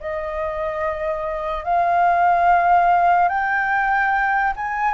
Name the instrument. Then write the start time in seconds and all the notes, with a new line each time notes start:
flute
0.00 D#5
1.64 F5
3.28 G5
4.56 G#5